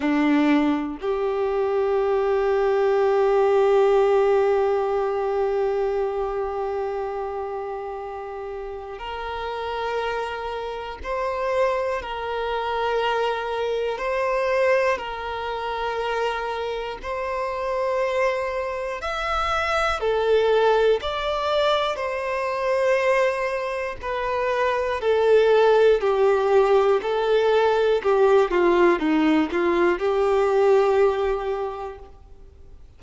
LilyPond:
\new Staff \with { instrumentName = "violin" } { \time 4/4 \tempo 4 = 60 d'4 g'2.~ | g'1~ | g'4 ais'2 c''4 | ais'2 c''4 ais'4~ |
ais'4 c''2 e''4 | a'4 d''4 c''2 | b'4 a'4 g'4 a'4 | g'8 f'8 dis'8 f'8 g'2 | }